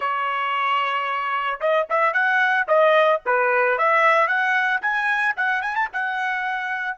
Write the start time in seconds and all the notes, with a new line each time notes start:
0.00 C#5
1.60 D#5
1.89 E5
2.13 F#5
2.67 D#5
3.25 B4
3.78 E5
4.27 F#5
4.81 G#5
5.36 F#5
5.62 G#5
5.75 A5
5.92 F#5